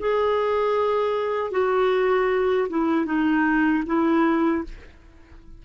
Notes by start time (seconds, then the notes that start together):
0.00 G#4
1.52 F#4
2.70 E4
3.06 D#4
3.86 E4